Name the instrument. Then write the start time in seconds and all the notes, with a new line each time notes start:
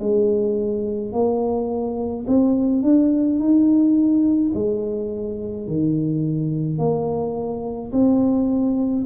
tuba
0.00 G#3
1.13 A#3
2.27 C4
2.83 D4
3.40 D#4
4.55 G#3
5.68 D#3
6.79 A#3
7.92 C4